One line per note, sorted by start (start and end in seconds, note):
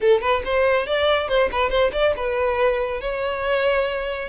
0.00 0.21 A4
0.21 0.42 B4
0.44 0.86 C5
0.86 1.28 D5
1.28 1.49 C5
1.51 1.69 B4
1.69 1.91 C5
1.92 2.14 D5
2.16 3.00 B4
3.00 4.28 C#5